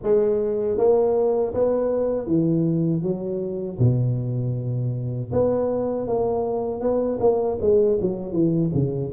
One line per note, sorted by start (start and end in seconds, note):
0.02 0.77 G#3
0.77 1.53 A#3
1.54 2.26 B3
2.26 3.02 E3
3.02 3.78 F#3
3.78 5.30 B2
5.32 6.07 B3
6.07 6.80 A#3
6.80 7.18 B3
7.19 7.57 A#3
7.61 7.99 G#3
8.01 8.32 F#3
8.32 8.70 E3
8.73 9.11 C#3